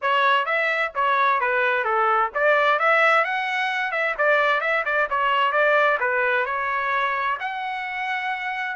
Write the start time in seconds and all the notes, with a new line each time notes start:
0.01 C#5
0.45 E5
0.94 C#5
1.40 B4
1.84 A4
2.34 D5
2.79 E5
3.24 F#5
3.91 E5
4.18 D5
4.60 E5
4.85 D5
5.10 C#5
5.52 D5
6.00 B4
6.45 C#5
7.40 F#5